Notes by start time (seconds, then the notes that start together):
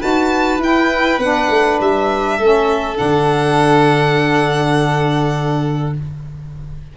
0.00 D#4 F#4 B4 A5
0.58 E4 G5
1.19 B3 D4 F#5
1.50 A3
1.81 G3 E5
2.38 A3 C#4 A4
2.96 D3 D4 F#5